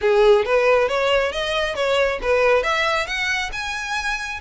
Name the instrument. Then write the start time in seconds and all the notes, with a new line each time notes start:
violin
0.01 G#4
0.45 B4
0.88 C#5
1.31 D#5
1.75 C#5
2.21 B4
2.63 E5
3.06 F#5
3.52 G#5